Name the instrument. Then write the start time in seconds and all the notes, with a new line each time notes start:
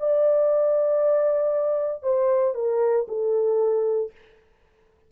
horn
0.00 D5
2.03 C5
2.55 A#4
3.08 A4